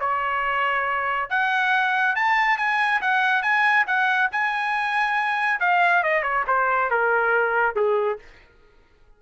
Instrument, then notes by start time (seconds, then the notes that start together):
trumpet
0.00 C#5
1.30 F#5
2.16 A5
2.57 G#5
3.01 F#5
3.42 G#5
3.87 F#5
4.31 G#5
5.60 F5
6.03 D#5
6.23 C#5
6.47 C5
6.90 A#4
7.75 G#4